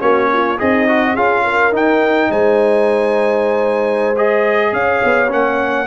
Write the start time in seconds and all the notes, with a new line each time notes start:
0.00 A#3 C#4 F#4 C#5
0.33 F4
0.58 C4 D#4 G#4 D#5
0.89 F#4
1.14 C#4 F4 G#4 F5
1.44 A#4
1.72 D#4 G5
2.30 G#3 C5 G#5
4.17 G#4 D#5
4.73 C#4 C#5 F5
5.04 B3
5.29 A#3 C#4 F#5